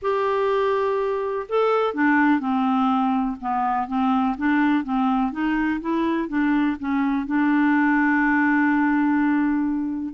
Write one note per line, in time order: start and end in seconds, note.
0.01 1.46 G4
1.48 1.94 A4
1.94 2.39 D4
2.39 3.36 C4
3.40 3.87 B3
3.87 4.35 C4
4.37 4.84 D4
4.84 5.32 C4
5.32 5.80 D#4
5.81 6.28 E4
6.28 6.76 D4
6.79 7.26 C#4
7.26 10.13 D4